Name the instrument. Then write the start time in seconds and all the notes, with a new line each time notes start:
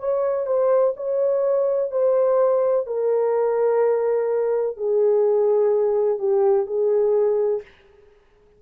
horn
0.00 C#5
0.47 C5
0.97 C#5
1.92 C5
2.87 A#4
4.77 G#4
6.19 G4
6.67 G#4